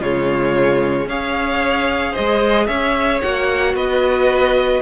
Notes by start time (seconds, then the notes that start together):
0.00 C#3 G#3 F4 C#5
1.06 C#4 G#4 C#5 F5
2.12 C5 D#5
2.18 G#3
2.67 C#4 C#5 E5
3.21 A#3 F#4 F#5
3.74 B3 B4 D#5